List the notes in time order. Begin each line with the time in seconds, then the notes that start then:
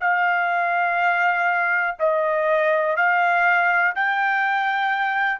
0.00 F5
1.99 D#5
2.96 F5
3.95 G5